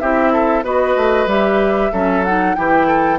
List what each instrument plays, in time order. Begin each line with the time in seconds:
0.00 bassoon C4, clarinet E4, oboe G4, flute E5
0.33 oboe A4
0.64 bassoon B3, clarinet F#4, oboe B4, flute D#5
0.97 bassoon A3
1.27 bassoon G3, clarinet G4, flute E5
1.93 bassoon F#3, clarinet C#4, oboe A4
2.25 clarinet D#4, flute F#5
2.56 bassoon E3, clarinet E4, oboe G4, flute G5
2.87 oboe A4